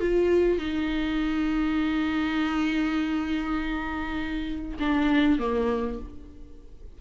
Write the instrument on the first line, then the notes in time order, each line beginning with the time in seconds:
viola
0.00 F4
0.58 D#4
4.79 D4
5.39 A#3